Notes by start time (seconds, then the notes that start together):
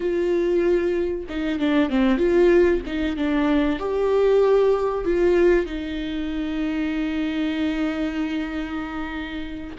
0.00 F4
1.29 D#4
1.59 D4
1.89 C4
2.17 F4
2.86 D#4
3.16 D4
3.79 G4
5.04 F4
5.66 D#4